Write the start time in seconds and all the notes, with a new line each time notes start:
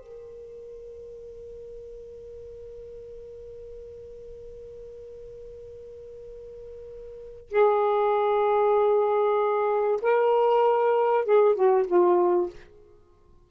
0.00 A#4
7.51 G#4
10.02 A#4
11.25 G#4
11.55 F#4
11.87 F4